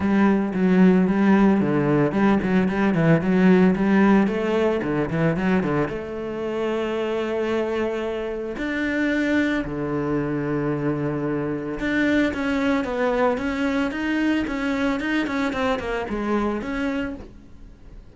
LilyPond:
\new Staff \with { instrumentName = "cello" } { \time 4/4 \tempo 4 = 112 g4 fis4 g4 d4 | g8 fis8 g8 e8 fis4 g4 | a4 d8 e8 fis8 d8 a4~ | a1 |
d'2 d2~ | d2 d'4 cis'4 | b4 cis'4 dis'4 cis'4 | dis'8 cis'8 c'8 ais8 gis4 cis'4 | }